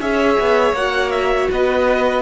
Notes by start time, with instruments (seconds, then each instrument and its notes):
0.00 cello C#4, viola G#4, violin C#5 E5
0.39 cello B3
0.73 cello A#3, viola F#4, violin F#5
1.10 violin E5
1.51 cello B3, violin B4 D#5